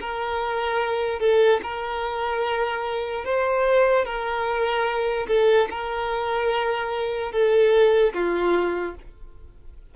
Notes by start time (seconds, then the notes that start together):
0.00 A#4
1.19 A4
1.63 A#4
3.25 C5
4.05 A#4
5.27 A4
5.70 A#4
7.32 A4
8.13 F4